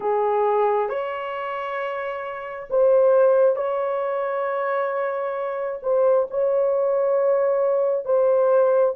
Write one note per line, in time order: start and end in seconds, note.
0.00 0.89 G#4
0.89 2.68 C#5
2.70 3.56 C5
3.56 5.80 C#5
5.82 6.27 C5
6.30 8.05 C#5
8.05 8.94 C5